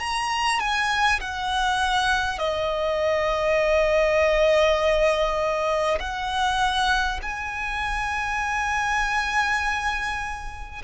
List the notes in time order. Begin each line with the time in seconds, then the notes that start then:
0.00 A#5
0.60 G#5
1.21 F#5
2.39 D#5
6.00 F#5
7.22 G#5